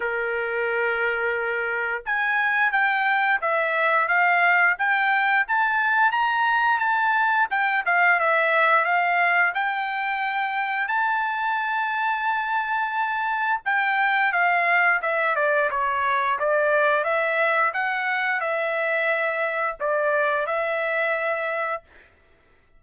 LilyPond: \new Staff \with { instrumentName = "trumpet" } { \time 4/4 \tempo 4 = 88 ais'2. gis''4 | g''4 e''4 f''4 g''4 | a''4 ais''4 a''4 g''8 f''8 | e''4 f''4 g''2 |
a''1 | g''4 f''4 e''8 d''8 cis''4 | d''4 e''4 fis''4 e''4~ | e''4 d''4 e''2 | }